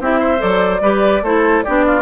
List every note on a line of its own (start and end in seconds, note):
0.00 0.41 C4
0.00 0.38 E4
0.00 0.19 G4
0.00 0.42 E5
0.19 0.81 C5
0.38 0.81 F#3
0.38 0.79 A4
0.38 1.24 D5
0.81 1.22 G3
0.81 1.23 G4
0.81 1.23 B4
1.22 1.63 A3
1.22 1.65 E4
1.22 1.64 A4
1.22 1.63 C5
1.63 2.02 B3
1.63 2.02 D4
1.63 1.85 G4
1.63 2.02 D5
1.86 2.02 F4